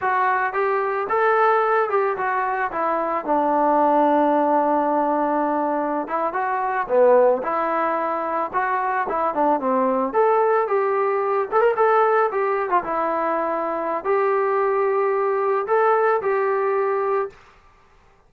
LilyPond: \new Staff \with { instrumentName = "trombone" } { \time 4/4 \tempo 4 = 111 fis'4 g'4 a'4. g'8 | fis'4 e'4 d'2~ | d'2.~ d'16 e'8 fis'16~ | fis'8. b4 e'2 fis'16~ |
fis'8. e'8 d'8 c'4 a'4 g'16~ | g'4~ g'16 a'16 ais'16 a'4 g'8. f'16 e'16~ | e'2 g'2~ | g'4 a'4 g'2 | }